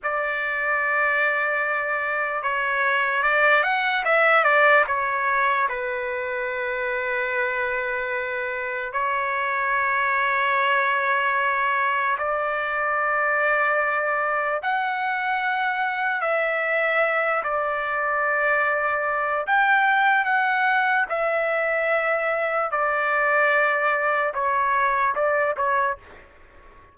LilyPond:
\new Staff \with { instrumentName = "trumpet" } { \time 4/4 \tempo 4 = 74 d''2. cis''4 | d''8 fis''8 e''8 d''8 cis''4 b'4~ | b'2. cis''4~ | cis''2. d''4~ |
d''2 fis''2 | e''4. d''2~ d''8 | g''4 fis''4 e''2 | d''2 cis''4 d''8 cis''8 | }